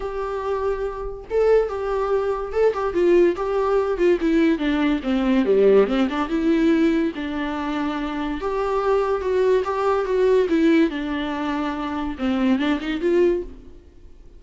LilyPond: \new Staff \with { instrumentName = "viola" } { \time 4/4 \tempo 4 = 143 g'2. a'4 | g'2 a'8 g'8 f'4 | g'4. f'8 e'4 d'4 | c'4 g4 c'8 d'8 e'4~ |
e'4 d'2. | g'2 fis'4 g'4 | fis'4 e'4 d'2~ | d'4 c'4 d'8 dis'8 f'4 | }